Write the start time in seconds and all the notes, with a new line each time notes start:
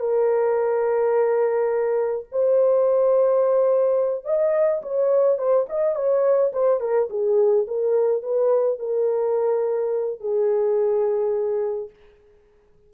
0.00 A#4
2.32 C5
4.25 D#5
4.83 C#5
5.38 C5
5.69 D#5
5.95 C#5
6.53 C5
6.80 A#4
7.10 G#4
7.68 A#4
8.23 B4
8.79 A#4
10.20 G#4